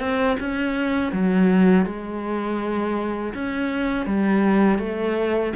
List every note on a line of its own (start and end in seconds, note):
0.00 0.37 C4
0.40 1.13 C#4
1.13 1.86 F#3
1.86 3.34 G#3
3.34 4.06 C#4
4.06 4.79 G3
4.79 5.53 A3